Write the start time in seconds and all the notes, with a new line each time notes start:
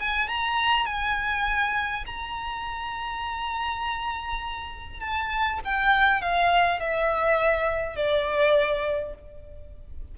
0.00 G#5
0.28 A#5
0.86 G#5
2.07 A#5
5.01 A5
5.65 G5
6.22 F5
6.80 E5
7.96 D5